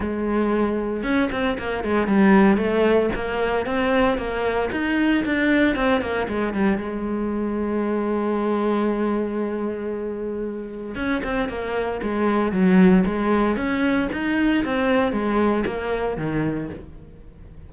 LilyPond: \new Staff \with { instrumentName = "cello" } { \time 4/4 \tempo 4 = 115 gis2 cis'8 c'8 ais8 gis8 | g4 a4 ais4 c'4 | ais4 dis'4 d'4 c'8 ais8 | gis8 g8 gis2.~ |
gis1~ | gis4 cis'8 c'8 ais4 gis4 | fis4 gis4 cis'4 dis'4 | c'4 gis4 ais4 dis4 | }